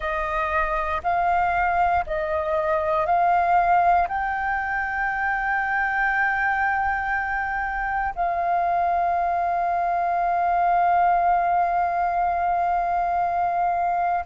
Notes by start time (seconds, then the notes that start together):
0.00 D#5
1.03 F5
2.06 D#5
3.06 F5
4.07 G5
8.15 F5